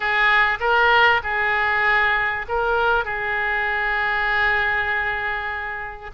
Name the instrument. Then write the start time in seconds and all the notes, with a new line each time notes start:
oboe
0.00 G#4
0.60 A#4
1.23 G#4
2.48 A#4
3.04 G#4